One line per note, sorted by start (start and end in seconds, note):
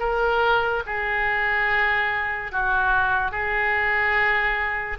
0.00 0.83 A#4
0.86 2.52 G#4
2.52 3.32 F#4
3.32 4.98 G#4